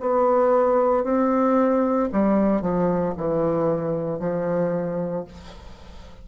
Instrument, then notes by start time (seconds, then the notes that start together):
bassoon
0.00 B3
1.04 C4
2.12 G3
2.61 F3
3.17 E3
4.20 F3